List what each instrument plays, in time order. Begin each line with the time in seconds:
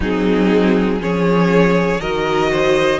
0.00 cello F#3, viola C4, violin D#4 G#4
0.99 cello F3, viola C#4, violin G#4 C#5
2.00 cello D#3, viola F#4, violin A#4 D#5
2.51 violin C5